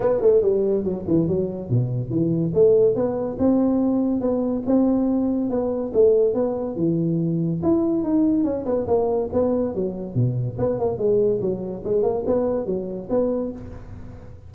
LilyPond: \new Staff \with { instrumentName = "tuba" } { \time 4/4 \tempo 4 = 142 b8 a8 g4 fis8 e8 fis4 | b,4 e4 a4 b4 | c'2 b4 c'4~ | c'4 b4 a4 b4 |
e2 e'4 dis'4 | cis'8 b8 ais4 b4 fis4 | b,4 b8 ais8 gis4 fis4 | gis8 ais8 b4 fis4 b4 | }